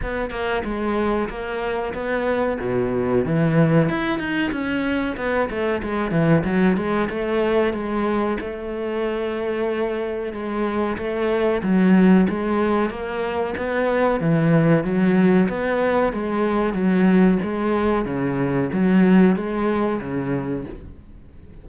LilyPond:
\new Staff \with { instrumentName = "cello" } { \time 4/4 \tempo 4 = 93 b8 ais8 gis4 ais4 b4 | b,4 e4 e'8 dis'8 cis'4 | b8 a8 gis8 e8 fis8 gis8 a4 | gis4 a2. |
gis4 a4 fis4 gis4 | ais4 b4 e4 fis4 | b4 gis4 fis4 gis4 | cis4 fis4 gis4 cis4 | }